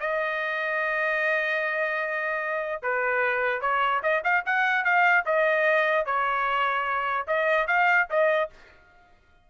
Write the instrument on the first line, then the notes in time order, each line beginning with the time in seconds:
trumpet
0.00 D#5
2.82 B4
3.61 C#5
4.03 D#5
4.24 F5
4.46 F#5
4.84 F5
5.26 D#5
6.05 C#5
7.27 D#5
7.67 F5
8.10 D#5